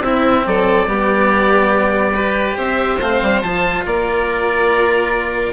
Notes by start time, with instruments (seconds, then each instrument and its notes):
0.00 bassoon C4, cello C4, violin E4, oboe E5
0.46 bassoon F#3, violin A4, oboe D5
0.87 bassoon G3, cello B3, violin G4
2.14 cello G4, violin B4
2.57 bassoon C4, violin C5, oboe E5
3.00 bassoon A3, cello C4, oboe F5
3.22 bassoon G3
3.42 bassoon F3, cello F4, oboe A5
3.86 bassoon A#3, violin A#4, oboe D5